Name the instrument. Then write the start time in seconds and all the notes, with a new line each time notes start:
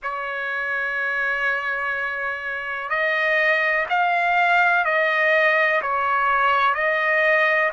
trumpet
0.03 C#5
2.89 D#5
3.89 F5
4.84 D#5
5.82 C#5
6.74 D#5